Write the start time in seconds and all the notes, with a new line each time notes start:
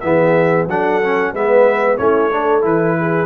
0.00 E3 B3 G#4 E5
0.67 F#3 D4 A4 F#5
1.03 C#4
1.33 G#3 B3 B4 E5
1.97 A3 C#4 E4 C#5
2.31 D4 A4
2.61 E3 E4 B4
2.98 G#4